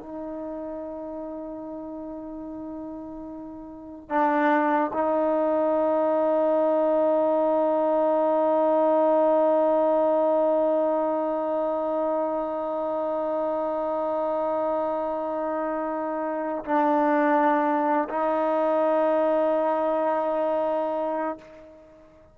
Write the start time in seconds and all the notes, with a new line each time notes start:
0.00 D#4
4.09 D4
4.93 D#4
16.65 D4
18.09 D#4